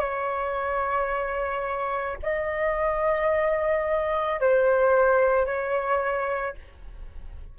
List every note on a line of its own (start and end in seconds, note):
0.00 2.18 C#5
2.23 4.41 D#5
4.41 5.46 C5
5.46 6.55 C#5